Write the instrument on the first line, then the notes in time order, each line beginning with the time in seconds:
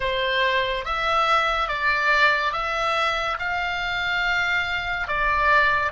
oboe
0.00 C5
0.85 E5
1.68 D5
2.52 E5
3.39 F5
5.07 D5